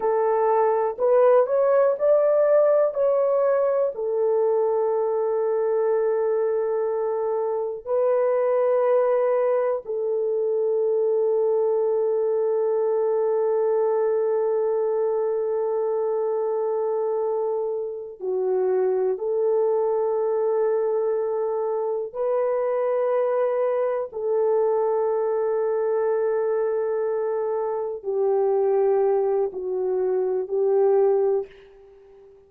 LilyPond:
\new Staff \with { instrumentName = "horn" } { \time 4/4 \tempo 4 = 61 a'4 b'8 cis''8 d''4 cis''4 | a'1 | b'2 a'2~ | a'1~ |
a'2~ a'8 fis'4 a'8~ | a'2~ a'8 b'4.~ | b'8 a'2.~ a'8~ | a'8 g'4. fis'4 g'4 | }